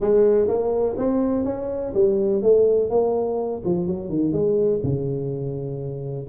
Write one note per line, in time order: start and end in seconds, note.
0.00 0.47 G#3
0.47 0.96 A#3
0.97 1.44 C4
1.44 1.93 C#4
1.94 2.42 G3
2.42 2.90 A3
2.90 3.62 A#3
3.64 3.87 F3
3.87 4.09 F#3
4.09 4.32 D#3
4.32 4.80 G#3
4.83 6.28 C#3